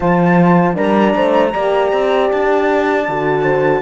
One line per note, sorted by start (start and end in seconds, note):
0.00 0.76 F3
0.00 0.74 F4
0.00 0.75 C5
0.00 0.77 A5
0.74 1.15 G3
0.74 1.51 D4
0.74 1.14 A#4
0.74 2.31 A#5
1.15 1.54 A3
1.15 1.54 C5
1.52 1.92 A#3
1.52 3.06 G4
1.52 3.42 D5
1.92 2.31 C4
2.31 3.08 D4
2.31 3.81 A5
3.08 3.81 D3
3.08 3.81 F#4
3.42 3.81 C5